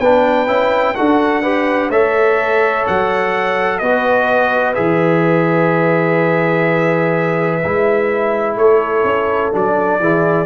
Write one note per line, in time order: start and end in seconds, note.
0.00 0.47 B3
0.00 0.47 D4
0.00 0.96 B4
0.00 0.95 G5
0.47 0.95 C#4
0.47 0.95 E4
0.95 1.90 D4
0.95 1.43 F#4
0.95 1.43 A4
0.95 1.90 F#5
1.43 1.91 G4
1.43 1.90 B4
1.90 2.85 A3
1.90 3.83 A4
1.90 3.80 C#5
1.90 2.86 E5
2.87 3.82 F#3
2.87 3.79 F#5
3.79 4.77 B3
3.79 4.75 F#4
3.79 8.57 B4
3.79 4.74 D#5
4.75 7.64 E3
4.75 7.61 G#4
4.75 8.56 E5
7.64 8.56 G#3
7.64 9.53 E4
8.56 9.04 A3
8.56 10.01 A4
8.56 9.53 C#5
9.04 9.52 C#4
9.53 9.99 F#3
9.53 10.00 D4
9.53 10.46 D5
9.99 10.46 E3
9.99 10.46 E4
9.99 10.46 G#4